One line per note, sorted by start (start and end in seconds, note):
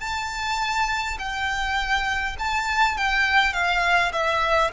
0.00 1.18 A5
1.18 2.36 G5
2.39 2.97 A5
2.97 3.53 G5
3.53 4.12 F5
4.12 4.71 E5